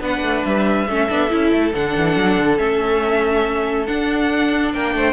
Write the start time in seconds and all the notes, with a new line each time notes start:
0.00 B3 D4 B4 F#5
0.22 A3
0.45 G3 E5
0.87 A3 C#4 A4
1.09 B3 D4
1.29 C#4 E4
1.52 A3
1.73 D3 D4 F#5
1.96 E3
2.16 F#3
2.38 D3
2.57 A3 C#4 E5
3.86 D4 F#5
4.74 A#3 A#4 G5
4.94 A3 C5